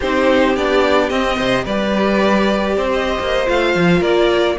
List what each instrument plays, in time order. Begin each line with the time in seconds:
0.00 cello C4, viola D#4, violin G4 C5
0.55 cello B3, viola D4, violin D5
1.09 cello C4, viola C4, violin D#5
1.36 cello C3, violin C5
1.64 cello G3, viola G4, violin B4 D5
2.76 cello C4, violin C5
2.92 violin D#5
3.19 cello A#3
3.46 cello A3, viola F4, violin F5
3.75 cello F3
3.99 cello A#3, violin A#4 D5